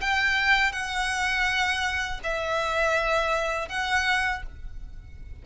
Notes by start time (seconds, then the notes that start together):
0.00 G5
0.72 F#5
2.23 E5
3.68 F#5